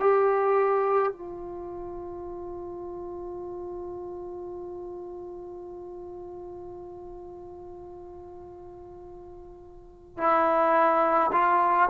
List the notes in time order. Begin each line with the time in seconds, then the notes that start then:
0.00 G4
1.12 F4
10.17 E4
11.33 F4